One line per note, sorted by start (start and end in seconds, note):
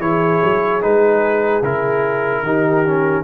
0.00 0.41 E3
0.00 0.82 E4
0.00 2.43 G#4
0.00 0.82 C#5
0.44 0.84 F#3
0.82 1.63 G#3
0.82 1.63 D#4
0.82 1.64 B4
1.63 2.43 C#3
1.63 2.46 E4
1.63 3.24 A#4
2.43 3.24 D#3
2.43 2.86 D#4
2.43 3.24 G4
2.87 3.24 C#4